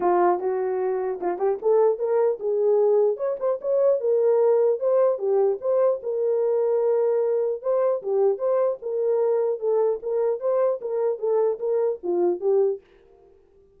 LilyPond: \new Staff \with { instrumentName = "horn" } { \time 4/4 \tempo 4 = 150 f'4 fis'2 f'8 g'8 | a'4 ais'4 gis'2 | cis''8 c''8 cis''4 ais'2 | c''4 g'4 c''4 ais'4~ |
ais'2. c''4 | g'4 c''4 ais'2 | a'4 ais'4 c''4 ais'4 | a'4 ais'4 f'4 g'4 | }